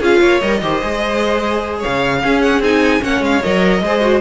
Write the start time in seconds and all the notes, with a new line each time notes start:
0.00 C#4 F4 G#4 F5
0.20 A#3 C#5
0.41 G3 A#4 D#5
0.62 D#3 G4 C5
0.82 G#3 G#4
1.79 C#5 F5
1.86 C#3
2.23 C#4 G#4
2.42 F#5
2.60 C4 D#4 G#5
3.01 A#3 C#4 C#5 F#5
3.21 G#3 F5
3.43 F#3 A#4 D#5
3.82 G#3 G#4 C5
4.01 F#4